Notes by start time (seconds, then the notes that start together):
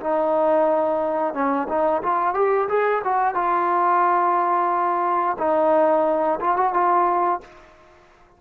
0.00 D#4
1.34 C#4
1.69 D#4
2.03 F4
2.34 G4
2.68 G#4
3.04 F#4
3.35 F4
5.38 D#4
6.40 F4
6.56 F#4
6.73 F4